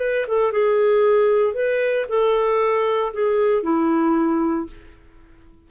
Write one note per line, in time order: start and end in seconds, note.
0.00 0.26 B4
0.28 0.52 A4
0.52 1.54 G#4
1.54 2.06 B4
2.09 3.13 A4
3.13 3.63 G#4
3.63 4.67 E4